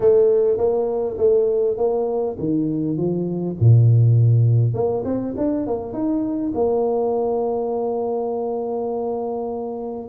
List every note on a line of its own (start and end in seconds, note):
0.00 0.57 A3
0.57 1.17 A#3
1.17 1.77 A3
1.77 2.36 A#3
2.38 2.97 D#3
2.97 3.56 F3
3.60 4.74 A#2
4.74 5.03 A#3
5.04 5.34 C4
5.37 5.66 D4
5.66 5.93 A#3
5.93 6.52 D#4
6.54 10.08 A#3